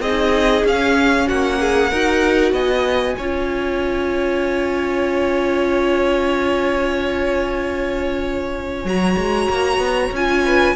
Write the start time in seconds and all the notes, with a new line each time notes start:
0.00 C4 D#4 G#4 D#5
0.64 C#4 F5
1.27 A#3 F#4 F#5
1.60 G#4
1.91 D#4 F#4 A#4
2.52 B3 D#5 G#5
3.17 C#4 F4 C#5
8.85 F#3 F#4 A#5
9.17 G#3
9.50 A#3
9.78 B3
10.12 C#4 F4 G#5
10.45 B4